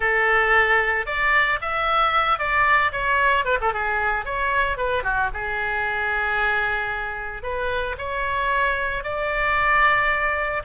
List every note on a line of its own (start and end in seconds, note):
0.00 1.05 A4
1.05 1.59 D5
1.61 2.38 E5
2.38 2.91 D5
2.92 3.45 C#5
3.45 3.58 B4
3.60 3.73 A4
3.73 4.25 G#4
4.25 4.77 C#5
4.77 5.03 B4
5.03 5.29 F#4
5.33 7.42 G#4
7.42 7.95 B4
7.98 9.03 C#5
9.03 10.62 D5